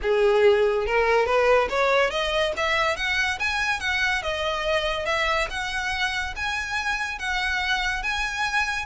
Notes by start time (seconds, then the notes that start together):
0.02 G#4
0.86 A#4
1.26 B4
1.69 C#5
2.10 D#5
2.56 E5
2.96 F#5
3.39 G#5
3.80 F#5
4.22 D#5
5.05 E5
5.49 F#5
6.36 G#5
7.18 F#5
8.03 G#5